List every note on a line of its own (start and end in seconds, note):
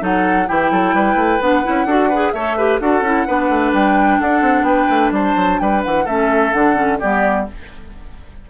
0.00 0.48 F#3
0.00 0.47 D#4
0.00 0.48 A4
0.00 0.49 F#5
0.47 0.71 E3
0.47 1.40 E4
0.47 0.71 G4
0.47 1.42 G5
0.71 0.94 F#3
0.71 0.95 A4
0.94 1.15 G3
0.94 1.87 B4
1.15 1.39 A3
1.41 1.64 B3
1.41 1.64 D4
1.41 2.32 F#5
1.64 1.86 C#4
1.64 1.87 E4
1.86 2.32 D4
1.86 2.11 F#4
1.86 2.09 A4
2.09 2.36 G#4
2.09 2.32 B4
2.32 2.80 A3
2.32 2.59 A4
2.32 2.57 C#5
2.32 2.79 E5
2.57 2.81 G4
2.57 2.81 B4
2.80 3.01 D4
2.80 3.04 F#4
2.80 3.27 A4
2.80 3.73 F#5
3.01 3.25 C#4
3.01 3.27 E4
3.27 3.49 B3
3.27 6.06 D4
3.27 4.20 B4
3.49 3.73 A3
3.73 4.20 G3
3.73 4.20 G5
4.20 4.42 D4
4.20 4.66 A4
4.20 4.65 F#5
4.42 4.63 C4
4.63 4.86 B3
4.63 5.13 B4
4.63 5.11 G5
4.90 5.11 A3
5.11 5.34 G3
5.11 5.61 C5
5.11 5.59 A5
5.36 5.59 F#3
5.59 5.84 G3
5.59 6.05 B4
5.59 5.82 G5
5.84 6.06 E3
5.84 6.07 F#5
6.05 6.53 A3
6.05 6.53 C#4
6.05 6.98 A4
6.05 6.53 E5
6.53 7.01 D3
6.53 6.75 D4
6.53 6.99 F#5
6.75 6.98 C#4
7.00 7.50 G3
7.00 7.48 B3
7.00 7.46 G4
7.00 7.47 D5